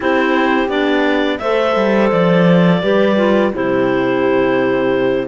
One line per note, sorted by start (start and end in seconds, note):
0.00 0.68 C4
0.00 0.68 E4
0.00 1.39 G4
0.00 0.69 C5
0.68 1.38 B3
0.68 1.39 D4
0.68 1.38 D5
1.38 1.76 A3
1.38 2.82 A4
1.38 2.82 C5
1.38 2.09 E5
1.76 2.11 G3
2.11 2.82 F3
2.11 3.52 D5
2.82 3.53 G3
2.82 3.16 G4
2.82 3.53 B4
3.16 3.52 F4
3.53 5.28 C3
3.53 5.28 E4
3.53 5.28 G4
3.53 5.28 C5